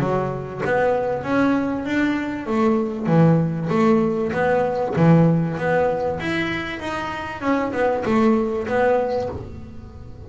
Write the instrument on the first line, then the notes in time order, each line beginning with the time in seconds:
double bass
0.00 F#3
0.66 B3
1.24 C#4
1.86 D4
2.47 A3
3.07 E3
3.70 A3
4.33 B3
4.96 E3
5.58 B3
6.21 E4
6.80 D#4
7.41 C#4
7.73 B3
8.06 A3
8.68 B3